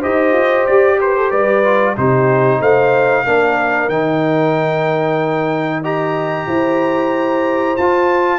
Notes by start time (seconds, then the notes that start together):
0.00 D#4 G4 C5 D#5
0.33 F4
0.67 G4 D5
1.01 B4 C5
1.17 A4
1.30 G3 B4 D5
1.64 F4
1.97 C3 D#4 G4 C5
2.60 A3 C5 F5
3.26 A#3 D4 A#4
3.89 D#3 D#4 G5
5.81 G4 D#5 A#5
6.47 E4 C5
7.77 F4 A5